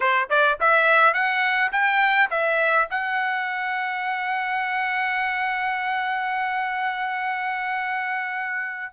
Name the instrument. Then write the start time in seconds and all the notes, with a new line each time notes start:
trumpet
0.00 C5
0.29 D5
0.60 E5
1.13 F#5
1.72 G5
2.30 E5
2.90 F#5